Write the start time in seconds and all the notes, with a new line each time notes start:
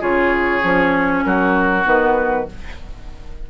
0.00 C#3 F4 G#4 C#5
0.63 F3 C#4
1.24 F#3 F#4 A#4
1.84 D#3 B3 B4